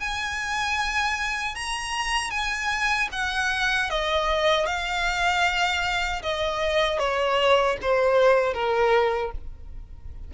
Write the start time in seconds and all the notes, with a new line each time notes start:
0.00 G#5
1.55 A#5
2.31 G#5
3.12 F#5
3.90 D#5
4.66 F5
6.23 D#5
6.99 C#5
7.82 C5
8.54 A#4